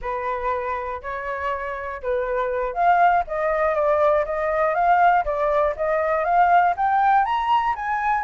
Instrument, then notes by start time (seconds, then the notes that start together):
flute
0.01 B4
1.02 C#5
2.02 B4
2.73 F5
3.27 D#5
3.75 D5
4.25 D#5
4.74 F5
5.25 D5
5.76 D#5
6.24 F5
6.76 G5
7.25 A#5
7.75 G#5